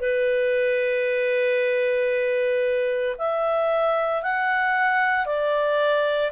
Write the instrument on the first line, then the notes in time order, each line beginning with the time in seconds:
clarinet
0.00 B4
3.18 E5
4.22 F#5
5.26 D5